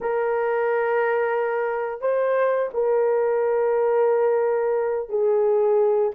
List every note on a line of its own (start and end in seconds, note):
0.01 2.01 A#4
2.01 2.69 C5
2.73 5.09 A#4
5.09 6.11 G#4